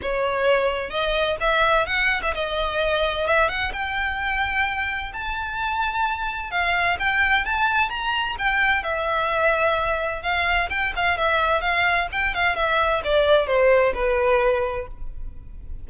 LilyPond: \new Staff \with { instrumentName = "violin" } { \time 4/4 \tempo 4 = 129 cis''2 dis''4 e''4 | fis''8. e''16 dis''2 e''8 fis''8 | g''2. a''4~ | a''2 f''4 g''4 |
a''4 ais''4 g''4 e''4~ | e''2 f''4 g''8 f''8 | e''4 f''4 g''8 f''8 e''4 | d''4 c''4 b'2 | }